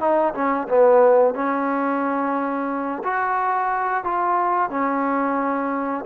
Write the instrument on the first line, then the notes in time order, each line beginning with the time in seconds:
trombone
0.00 D#4
0.34 C#4
0.68 B3
1.34 C#4
3.04 F#4
4.04 F4
4.70 C#4